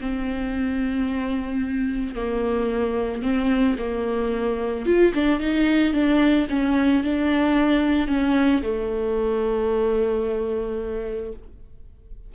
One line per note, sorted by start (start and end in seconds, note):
0.00 2.15 C4
2.15 3.22 A#3
3.22 3.76 C4
3.78 4.86 A#3
4.86 5.13 F4
5.14 5.39 D4
5.39 5.93 D#4
5.93 6.47 D4
6.49 7.03 C#4
7.03 8.08 D4
8.08 8.62 C#4
8.62 11.32 A3